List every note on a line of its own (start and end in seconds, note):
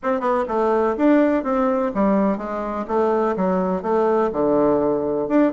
0.02 0.20 C4
0.20 0.44 B3
0.48 0.96 A3
0.97 1.43 D4
1.43 1.91 C4
1.94 2.37 G3
2.37 2.85 G#3
2.87 3.35 A3
3.36 3.82 F#3
3.82 4.30 A3
4.32 5.28 D3
5.28 5.52 D4